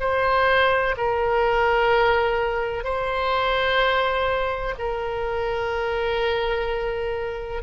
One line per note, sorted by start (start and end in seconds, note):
0.00 0.95 C5
0.97 2.84 A#4
2.84 4.74 C5
4.78 7.62 A#4